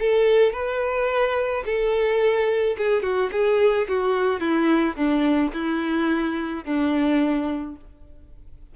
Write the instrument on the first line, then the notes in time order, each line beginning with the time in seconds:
violin
0.00 A4
0.53 B4
1.66 A4
2.78 G#4
3.03 F#4
3.32 G#4
3.89 F#4
4.41 E4
4.96 D4
5.54 E4
6.65 D4